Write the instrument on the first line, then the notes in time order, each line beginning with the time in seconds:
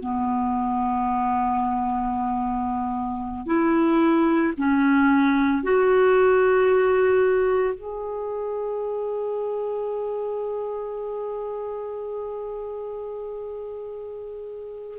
clarinet
0.00 B3
3.46 E4
4.58 C#4
5.63 F#4
7.75 G#4